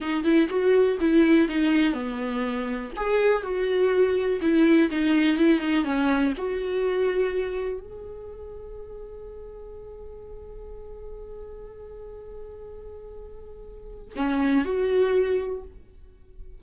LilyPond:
\new Staff \with { instrumentName = "viola" } { \time 4/4 \tempo 4 = 123 dis'8 e'8 fis'4 e'4 dis'4 | b2 gis'4 fis'4~ | fis'4 e'4 dis'4 e'8 dis'8 | cis'4 fis'2. |
gis'1~ | gis'1~ | gis'1~ | gis'4 cis'4 fis'2 | }